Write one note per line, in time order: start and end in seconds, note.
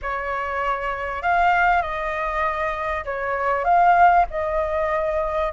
0.01 1.22 C#5
1.22 1.82 F5
1.82 3.04 D#5
3.04 3.64 C#5
3.64 4.26 F5
4.30 5.52 D#5